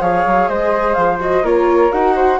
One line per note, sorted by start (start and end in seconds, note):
0.00 0.24 F3
0.00 1.19 G#4
0.00 0.49 C#5
0.00 0.48 F5
0.26 0.49 F#3
0.48 0.96 G#3
0.48 1.43 C5
0.48 0.93 D#5
0.93 1.43 F3
0.93 1.17 F5
1.19 1.43 F#4
1.19 1.45 D#5
1.43 1.90 A#3
1.43 1.91 F4
1.43 2.14 A#4
1.43 1.92 C#5
1.92 2.39 D#4
1.92 2.39 F#4
1.92 2.39 F#5
2.15 2.39 C5